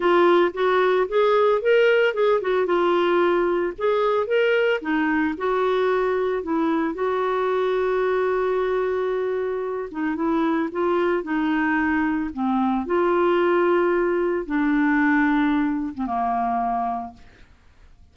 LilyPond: \new Staff \with { instrumentName = "clarinet" } { \time 4/4 \tempo 4 = 112 f'4 fis'4 gis'4 ais'4 | gis'8 fis'8 f'2 gis'4 | ais'4 dis'4 fis'2 | e'4 fis'2.~ |
fis'2~ fis'8 dis'8 e'4 | f'4 dis'2 c'4 | f'2. d'4~ | d'4.~ d'16 c'16 ais2 | }